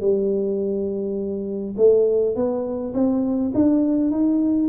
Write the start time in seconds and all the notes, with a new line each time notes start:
0.00 G3
1.77 A3
2.35 B3
2.93 C4
3.54 D4
4.10 D#4